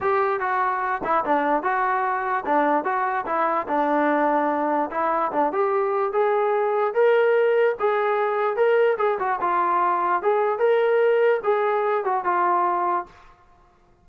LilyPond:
\new Staff \with { instrumentName = "trombone" } { \time 4/4 \tempo 4 = 147 g'4 fis'4. e'8 d'4 | fis'2 d'4 fis'4 | e'4 d'2. | e'4 d'8 g'4. gis'4~ |
gis'4 ais'2 gis'4~ | gis'4 ais'4 gis'8 fis'8 f'4~ | f'4 gis'4 ais'2 | gis'4. fis'8 f'2 | }